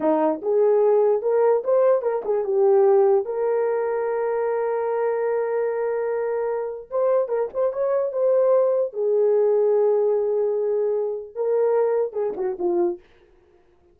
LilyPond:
\new Staff \with { instrumentName = "horn" } { \time 4/4 \tempo 4 = 148 dis'4 gis'2 ais'4 | c''4 ais'8 gis'8 g'2 | ais'1~ | ais'1~ |
ais'4 c''4 ais'8 c''8 cis''4 | c''2 gis'2~ | gis'1 | ais'2 gis'8 fis'8 f'4 | }